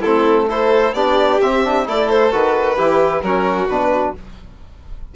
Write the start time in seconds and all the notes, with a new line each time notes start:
0.00 A3 C4 E4 A4
0.48 E4 A4 C5
0.93 B3 D4 G4 D5
1.41 C4 E5
1.64 D4
1.84 A3 E4 A4 D5
2.09 C5
2.30 D#3 F#4 B4
2.75 E3 E4 G4
3.21 F#3 C#4 F#4 A#4
3.67 B2 D4 B4